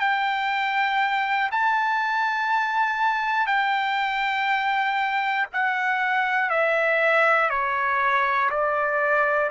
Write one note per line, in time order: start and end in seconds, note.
0.00 1.50 G5
1.52 3.47 A5
3.47 5.47 G5
5.53 6.50 F#5
6.50 7.50 E5
7.50 8.50 C#5
8.50 9.50 D5